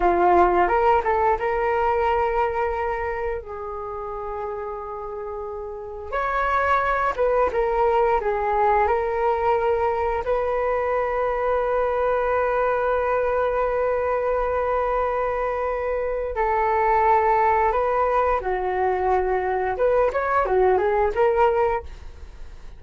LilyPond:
\new Staff \with { instrumentName = "flute" } { \time 4/4 \tempo 4 = 88 f'4 ais'8 a'8 ais'2~ | ais'4 gis'2.~ | gis'4 cis''4. b'8 ais'4 | gis'4 ais'2 b'4~ |
b'1~ | b'1 | a'2 b'4 fis'4~ | fis'4 b'8 cis''8 fis'8 gis'8 ais'4 | }